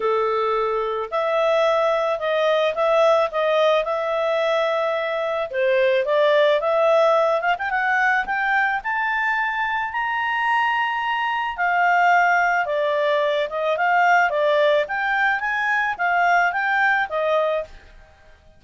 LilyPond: \new Staff \with { instrumentName = "clarinet" } { \time 4/4 \tempo 4 = 109 a'2 e''2 | dis''4 e''4 dis''4 e''4~ | e''2 c''4 d''4 | e''4. f''16 g''16 fis''4 g''4 |
a''2 ais''2~ | ais''4 f''2 d''4~ | d''8 dis''8 f''4 d''4 g''4 | gis''4 f''4 g''4 dis''4 | }